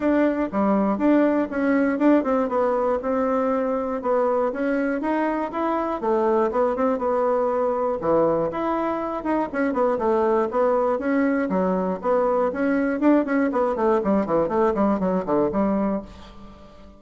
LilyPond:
\new Staff \with { instrumentName = "bassoon" } { \time 4/4 \tempo 4 = 120 d'4 g4 d'4 cis'4 | d'8 c'8 b4 c'2 | b4 cis'4 dis'4 e'4 | a4 b8 c'8 b2 |
e4 e'4. dis'8 cis'8 b8 | a4 b4 cis'4 fis4 | b4 cis'4 d'8 cis'8 b8 a8 | g8 e8 a8 g8 fis8 d8 g4 | }